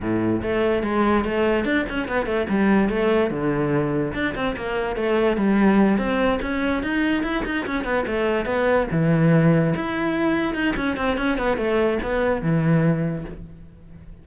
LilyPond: \new Staff \with { instrumentName = "cello" } { \time 4/4 \tempo 4 = 145 a,4 a4 gis4 a4 | d'8 cis'8 b8 a8 g4 a4 | d2 d'8 c'8 ais4 | a4 g4. c'4 cis'8~ |
cis'8 dis'4 e'8 dis'8 cis'8 b8 a8~ | a8 b4 e2 e'8~ | e'4. dis'8 cis'8 c'8 cis'8 b8 | a4 b4 e2 | }